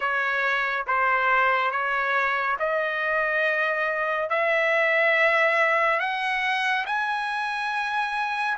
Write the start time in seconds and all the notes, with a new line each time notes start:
0.00 C#5
0.86 C5
1.71 C#5
2.59 D#5
4.29 E5
5.99 F#5
6.86 G#5